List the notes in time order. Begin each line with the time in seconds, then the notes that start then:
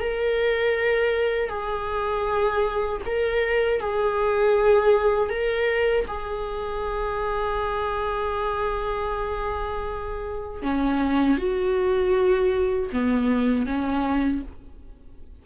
0.00 A#4
1.49 G#4
3.06 A#4
3.80 G#4
5.29 A#4
6.07 G#4
10.62 C#4
11.38 F#4
12.93 B3
13.66 C#4